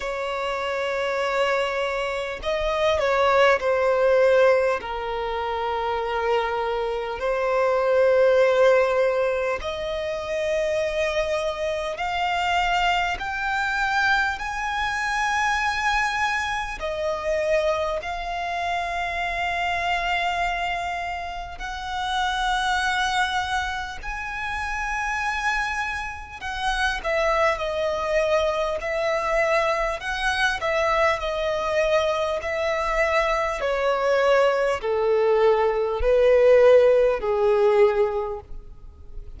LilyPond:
\new Staff \with { instrumentName = "violin" } { \time 4/4 \tempo 4 = 50 cis''2 dis''8 cis''8 c''4 | ais'2 c''2 | dis''2 f''4 g''4 | gis''2 dis''4 f''4~ |
f''2 fis''2 | gis''2 fis''8 e''8 dis''4 | e''4 fis''8 e''8 dis''4 e''4 | cis''4 a'4 b'4 gis'4 | }